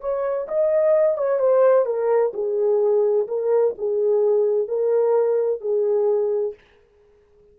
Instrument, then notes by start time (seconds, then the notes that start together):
horn
0.00 C#5
0.48 D#5
1.17 C#5
1.39 C5
1.85 A#4
2.33 G#4
3.27 A#4
3.78 G#4
4.67 A#4
5.60 G#4